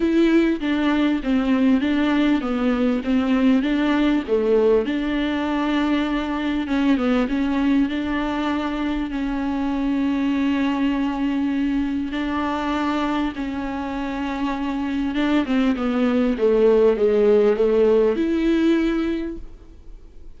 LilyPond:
\new Staff \with { instrumentName = "viola" } { \time 4/4 \tempo 4 = 99 e'4 d'4 c'4 d'4 | b4 c'4 d'4 a4 | d'2. cis'8 b8 | cis'4 d'2 cis'4~ |
cis'1 | d'2 cis'2~ | cis'4 d'8 c'8 b4 a4 | gis4 a4 e'2 | }